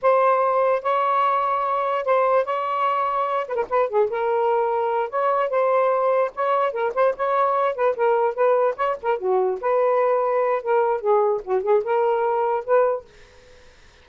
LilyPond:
\new Staff \with { instrumentName = "saxophone" } { \time 4/4 \tempo 4 = 147 c''2 cis''2~ | cis''4 c''4 cis''2~ | cis''8 b'16 ais'16 b'8 gis'8 ais'2~ | ais'8 cis''4 c''2 cis''8~ |
cis''8 ais'8 c''8 cis''4. b'8 ais'8~ | ais'8 b'4 cis''8 ais'8 fis'4 b'8~ | b'2 ais'4 gis'4 | fis'8 gis'8 ais'2 b'4 | }